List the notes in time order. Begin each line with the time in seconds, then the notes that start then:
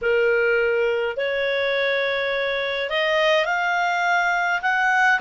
0.01 A#4
1.16 C#5
2.90 D#5
3.45 F5
4.62 F#5